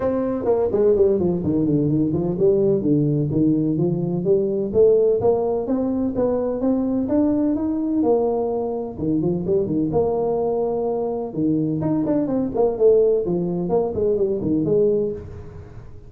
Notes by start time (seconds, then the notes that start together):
0.00 C4
0.45 A#3
0.72 G#3
0.95 G3
1.19 F3
1.43 D#3
1.65 D3
1.88 D#3
2.13 F3
2.39 G3
2.81 D3
3.31 D#3
3.77 F3
4.24 G3
4.73 A3
5.20 A#3
5.66 C4
6.15 B3
6.60 C4
7.08 D4
7.55 D#4
8.03 A#3
8.98 D#3
9.21 F3
9.46 G3
9.66 D#3
9.91 A#3
11.33 D#3
11.81 D#4
12.05 D4
12.27 C4
12.54 A#3
12.78 A3
13.25 F3
13.69 A#3
13.94 G#3
14.16 G3
14.41 D#3
14.64 G#3